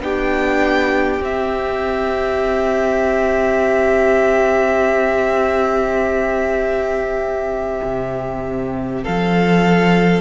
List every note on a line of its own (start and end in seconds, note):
0.00 1.20 B3
0.00 1.21 D4
0.00 9.04 G4
0.00 1.23 G5
1.20 7.80 C4
1.20 10.21 C4
1.20 9.04 E5
7.83 9.03 C3
9.04 10.21 F3
9.04 10.21 A4
9.04 10.21 F5